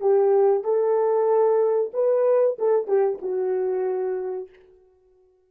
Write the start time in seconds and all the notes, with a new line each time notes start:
0.00 G4
0.64 A4
1.94 B4
2.59 A4
2.88 G4
3.22 F#4